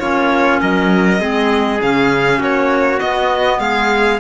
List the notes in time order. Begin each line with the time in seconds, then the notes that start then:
0.00 A#3 C#4 F4 C#5
0.61 F#3 A#4 D#5
1.20 G#3 C4 G#4
1.80 C#3 C#4 F5
2.39 A#3 F#4 C#5
2.99 B3 D#5
3.59 G#3 G#4 F5